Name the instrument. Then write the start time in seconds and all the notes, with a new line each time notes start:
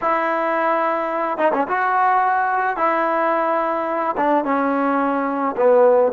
trombone
0.01 E4
1.38 D#4
1.53 C#4
1.68 F#4
2.77 E4
4.16 D4
4.44 C#4
5.57 B3